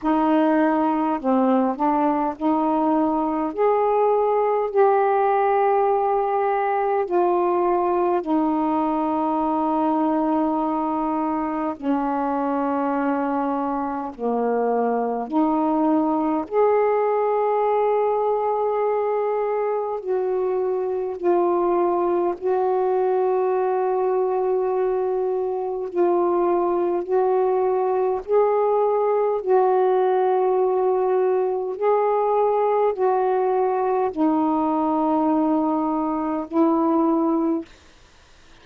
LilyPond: \new Staff \with { instrumentName = "saxophone" } { \time 4/4 \tempo 4 = 51 dis'4 c'8 d'8 dis'4 gis'4 | g'2 f'4 dis'4~ | dis'2 cis'2 | ais4 dis'4 gis'2~ |
gis'4 fis'4 f'4 fis'4~ | fis'2 f'4 fis'4 | gis'4 fis'2 gis'4 | fis'4 dis'2 e'4 | }